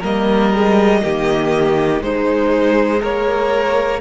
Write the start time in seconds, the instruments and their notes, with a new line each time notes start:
0.00 cello G3, viola A#3, violin A#4 D#5
0.54 viola G#3
1.03 cello D#3, viola A#3, violin G4
2.01 viola G#3, cello G#3, violin D#4 C5
3.01 cello A#3, violin A#4 C#5